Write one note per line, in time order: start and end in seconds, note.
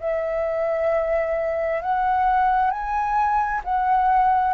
0.00 1.81 E5
1.81 2.70 F#5
2.70 3.61 G#5
3.64 4.53 F#5